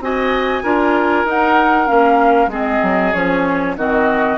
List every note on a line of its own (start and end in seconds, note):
0.00 0.62 C4
0.00 0.63 F#4
0.00 0.63 D#5
0.00 1.28 G#5
0.63 1.24 D4
0.63 1.26 F4
0.63 2.50 A#4
1.24 1.87 D#4
1.24 1.86 D#4
1.24 1.87 F#5
1.86 2.47 A#3
1.86 2.49 C#4
1.86 2.50 F5
2.47 2.78 G#3
2.47 3.13 C4
2.47 3.75 G#4
2.47 3.13 D#5
2.83 3.14 F#3
3.13 3.76 F3
3.13 3.76 C#4
3.13 3.75 C#5
3.76 4.38 D#3
3.76 4.38 C4
3.76 4.38 F#4
3.76 4.38 D#5